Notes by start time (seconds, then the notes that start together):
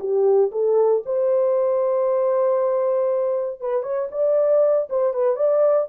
0.00 G4
0.52 A4
1.06 C5
3.61 B4
3.83 C#5
4.12 D5
4.90 C5
5.14 B4
5.36 D5